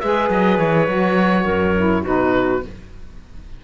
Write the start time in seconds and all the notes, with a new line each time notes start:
0.00 G#3 G#4 B4 E5
0.30 F#3 D#5
0.59 E3 C#5
0.88 F#3 F#4
1.44 F#2 A#4
1.77 E4
2.02 B2 D#4 F#4 B4